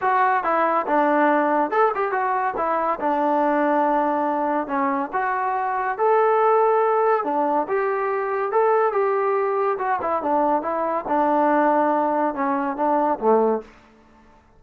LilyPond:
\new Staff \with { instrumentName = "trombone" } { \time 4/4 \tempo 4 = 141 fis'4 e'4 d'2 | a'8 g'8 fis'4 e'4 d'4~ | d'2. cis'4 | fis'2 a'2~ |
a'4 d'4 g'2 | a'4 g'2 fis'8 e'8 | d'4 e'4 d'2~ | d'4 cis'4 d'4 a4 | }